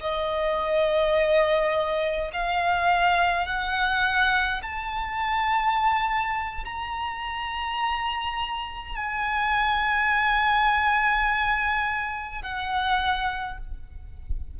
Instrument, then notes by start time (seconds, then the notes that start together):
violin
0.00 D#5
2.32 F5
3.46 F#5
4.62 A5
6.64 A#5
8.95 G#5
12.42 F#5